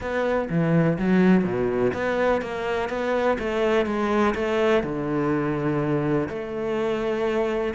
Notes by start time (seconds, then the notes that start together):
0.00 B3
0.49 E3
0.98 F#3
1.43 B2
1.93 B3
2.41 A#3
2.89 B3
3.38 A3
3.86 G#3
4.34 A3
4.83 D3
6.28 A3